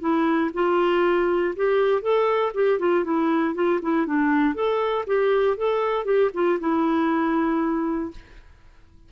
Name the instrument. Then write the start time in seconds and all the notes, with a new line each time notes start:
clarinet
0.00 E4
0.53 F4
1.56 G4
2.01 A4
2.54 G4
2.79 F4
3.04 E4
3.55 F4
3.82 E4
4.06 D4
4.54 A4
5.06 G4
5.57 A4
6.05 G4
6.33 F4
6.60 E4